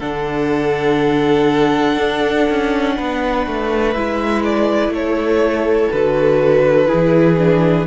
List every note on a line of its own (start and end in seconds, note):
0.00 1.98 D3
0.00 3.94 D4
0.00 2.95 A4
0.00 3.93 F#5
1.98 2.47 D4
2.50 2.99 C#4
2.97 3.47 B3
2.97 4.93 B4
3.47 3.96 A3
3.93 4.89 G#3
3.93 5.93 E4
3.93 4.43 E5
4.45 4.94 D5
4.89 5.87 A3
4.89 6.89 A4
4.89 5.92 C#5
5.92 6.91 D3
5.92 6.87 F#4
5.92 7.87 B4
6.87 7.36 E4
6.87 7.87 G#4
6.94 7.87 E3
7.38 7.87 D4